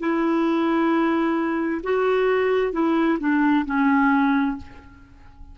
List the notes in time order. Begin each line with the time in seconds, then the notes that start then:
0.00 E4
1.84 F#4
2.73 E4
3.21 D4
3.67 C#4